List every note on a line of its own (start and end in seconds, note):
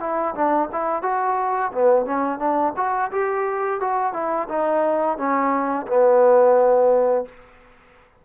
0.00 0.34 E4
0.35 0.69 D4
0.72 1.03 E4
1.03 1.72 F#4
1.73 2.06 B3
2.06 2.39 C#4
2.39 2.73 D4
2.76 3.11 F#4
3.12 3.81 G4
3.81 4.13 F#4
4.13 4.48 E4
4.49 5.18 D#4
5.18 5.87 C#4
5.87 7.25 B3